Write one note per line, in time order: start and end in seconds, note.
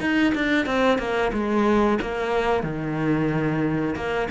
0.00 0.33 D#4
0.35 0.66 D4
0.66 0.98 C4
0.98 1.31 A#3
1.33 1.99 G#3
2.01 2.63 A#3
2.63 3.95 D#3
3.95 4.28 A#3